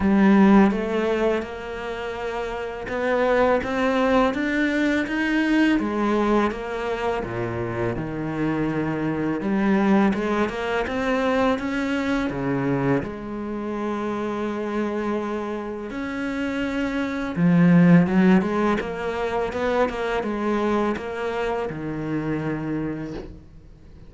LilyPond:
\new Staff \with { instrumentName = "cello" } { \time 4/4 \tempo 4 = 83 g4 a4 ais2 | b4 c'4 d'4 dis'4 | gis4 ais4 ais,4 dis4~ | dis4 g4 gis8 ais8 c'4 |
cis'4 cis4 gis2~ | gis2 cis'2 | f4 fis8 gis8 ais4 b8 ais8 | gis4 ais4 dis2 | }